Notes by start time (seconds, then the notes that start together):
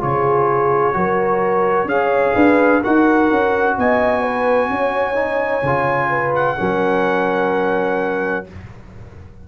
0.00 C#3 F4 G#4 C#5
0.93 F#3 F#4 A#4
1.85 C#4 G#4 C#5 F5
2.35 D4 B4
2.81 D#4 F#4 A#4 F#5
3.30 C#4
3.78 B3 D#5 G#5
4.22 B4
4.70 C#4 C#5
5.15 D#4
5.63 C#3 F4
6.09 B4
6.35 F#5
6.57 F#3 C#4 A#4